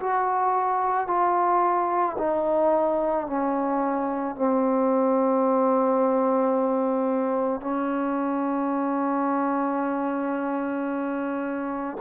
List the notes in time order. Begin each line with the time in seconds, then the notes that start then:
0.00 F#4
1.08 F4
2.18 D#4
3.27 C#4
4.36 C4
7.61 C#4